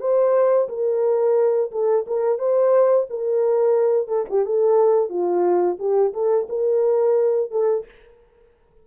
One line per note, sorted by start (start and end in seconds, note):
0.00 0.68 C5
0.68 1.71 A#4
1.71 2.05 A4
2.07 2.38 A#4
2.38 3.07 C5
3.10 4.08 A#4
4.08 4.25 A4
4.29 4.45 G4
4.45 5.09 A4
5.09 5.77 F4
5.79 6.13 G4
6.13 6.47 A4
6.49 7.51 A#4
7.51 7.85 A4